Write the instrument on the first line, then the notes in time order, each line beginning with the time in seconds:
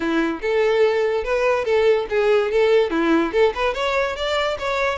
violin
0.00 E4
0.41 A4
1.23 B4
1.64 A4
2.09 G#4
2.51 A4
2.90 E4
3.32 A4
3.54 B4
3.74 C#5
4.16 D5
4.58 C#5